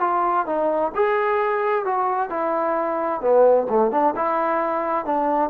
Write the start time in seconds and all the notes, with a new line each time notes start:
0.00 F4
0.46 D#4
0.95 G#4
1.85 F#4
2.29 E4
3.21 B3
3.69 A3
3.91 D4
4.16 E4
5.05 D4